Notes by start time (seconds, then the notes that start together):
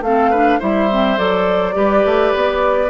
0.00 A3 C4 A4 F5
0.30 D4 B4
0.59 G3 E4 C5 E5
0.90 C4
1.17 F#3 A4 D5
1.73 G3 G4 B4
2.05 A3
2.34 B3